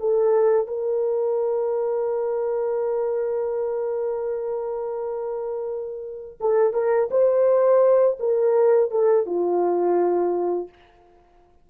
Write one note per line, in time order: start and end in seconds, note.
0.00 0.68 A4
0.68 6.39 A#4
6.41 6.74 A4
6.74 7.09 A#4
7.11 8.18 C5
8.20 8.91 A#4
8.91 9.26 A4
9.26 10.69 F4